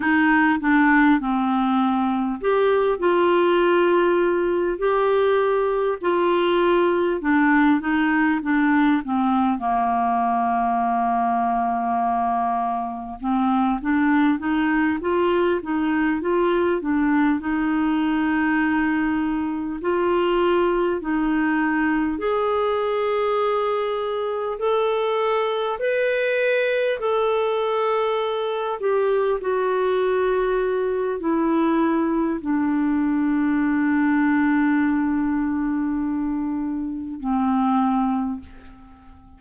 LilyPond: \new Staff \with { instrumentName = "clarinet" } { \time 4/4 \tempo 4 = 50 dis'8 d'8 c'4 g'8 f'4. | g'4 f'4 d'8 dis'8 d'8 c'8 | ais2. c'8 d'8 | dis'8 f'8 dis'8 f'8 d'8 dis'4.~ |
dis'8 f'4 dis'4 gis'4.~ | gis'8 a'4 b'4 a'4. | g'8 fis'4. e'4 d'4~ | d'2. c'4 | }